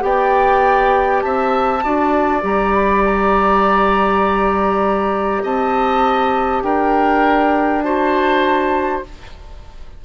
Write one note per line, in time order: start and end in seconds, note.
0.00 1.23 B3
0.00 1.80 G4
0.00 1.24 D5
0.00 1.21 G5
1.21 1.84 C4
1.21 1.84 E5
1.21 2.41 A5
1.83 2.43 D4
1.83 2.41 F#4
1.83 5.43 D5
2.41 5.43 G3
2.41 7.81 G4
2.41 2.73 A#5
2.73 3.02 B5
3.05 5.44 A#5
5.43 6.62 C4
5.43 6.63 D#5
5.43 6.63 A5
6.62 9.03 D4
6.62 7.84 A#4
6.62 7.82 G5
7.82 9.04 F#4
7.82 9.04 C5
7.82 9.02 A5